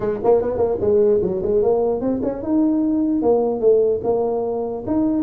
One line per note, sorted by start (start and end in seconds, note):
0.00 0.19 G#3
0.23 0.41 A#3
0.41 0.57 B3
0.57 0.77 A#3
0.80 1.21 G#3
1.22 1.42 F#3
1.42 1.62 G#3
1.62 2.00 A#3
2.00 2.21 C4
2.22 2.42 C#4
2.42 3.22 D#4
3.22 3.60 A#3
3.60 4.00 A3
4.03 4.84 A#3
4.87 5.22 D#4